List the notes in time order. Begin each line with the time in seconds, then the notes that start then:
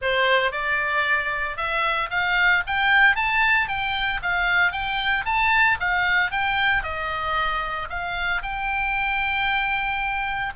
0.01 C5
0.51 D5
1.56 E5
2.10 F5
2.67 G5
3.15 A5
3.67 G5
4.22 F5
4.72 G5
5.25 A5
5.79 F5
6.31 G5
6.83 D#5
7.89 F5
8.42 G5